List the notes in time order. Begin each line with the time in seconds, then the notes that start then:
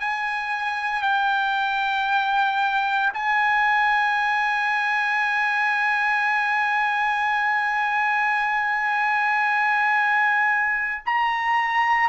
0.00 G#5
1.02 G5
3.13 G#5
11.06 A#5